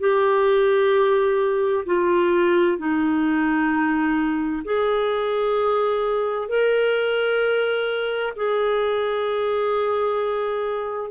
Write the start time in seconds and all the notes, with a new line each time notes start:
0.00 G4
1.86 F4
2.78 D#4
4.65 G#4
6.49 A#4
8.36 G#4